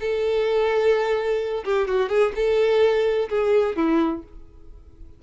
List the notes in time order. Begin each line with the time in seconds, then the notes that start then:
0.00 A4
1.64 G4
1.88 F#4
2.09 G#4
2.35 A4
3.29 G#4
3.76 E4